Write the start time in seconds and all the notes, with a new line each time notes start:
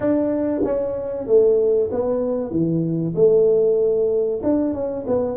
0.00 D4
0.64 C#4
1.27 A3
1.91 B3
2.51 E3
3.15 A3
4.43 D4
4.74 C#4
5.07 B3